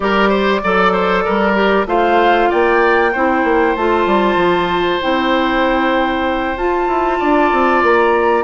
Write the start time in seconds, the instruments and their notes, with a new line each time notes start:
0.00 bassoon G3, clarinet G4, oboe A#4, flute D5
0.29 oboe C5
0.63 bassoon F#3, clarinet A4, oboe D5
0.92 oboe C5
1.24 bassoon G3, oboe A#4
1.54 clarinet G4
1.85 bassoon A3, clarinet F4, oboe C5, flute F5
2.49 bassoon A#3, oboe D5, flute G5
3.12 bassoon C4, clarinet E4, oboe C5
3.44 bassoon A#3
3.75 bassoon A3, clarinet F4, flute A5
4.05 bassoon G3
4.35 bassoon F3
5.00 bassoon C4, clarinet E4, flute G5
6.56 bassoon F4, clarinet F4, flute A5
6.87 bassoon E4
7.19 bassoon D4, oboe D5
7.52 bassoon C4
7.82 bassoon A#3, flute A#5